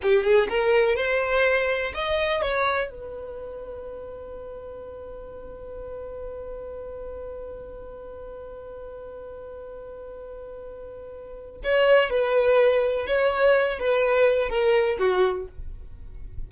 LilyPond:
\new Staff \with { instrumentName = "violin" } { \time 4/4 \tempo 4 = 124 g'8 gis'8 ais'4 c''2 | dis''4 cis''4 b'2~ | b'1~ | b'1~ |
b'1~ | b'1 | cis''4 b'2 cis''4~ | cis''8 b'4. ais'4 fis'4 | }